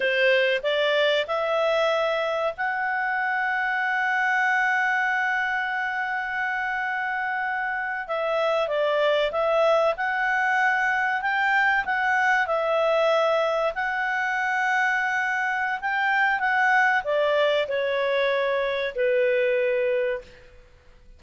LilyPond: \new Staff \with { instrumentName = "clarinet" } { \time 4/4 \tempo 4 = 95 c''4 d''4 e''2 | fis''1~ | fis''1~ | fis''8. e''4 d''4 e''4 fis''16~ |
fis''4.~ fis''16 g''4 fis''4 e''16~ | e''4.~ e''16 fis''2~ fis''16~ | fis''4 g''4 fis''4 d''4 | cis''2 b'2 | }